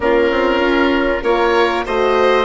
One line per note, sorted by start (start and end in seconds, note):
0.00 0.31 A#3
0.00 1.23 C#4
0.00 1.22 F4
0.00 1.23 A#4
0.31 0.60 C4
0.60 1.21 C#4
1.22 1.85 A#3
1.22 1.85 F4
1.22 1.84 A#4
1.22 1.85 C#5
1.85 2.45 A3
1.85 2.45 F#4
1.85 2.45 C5
1.85 2.45 D#5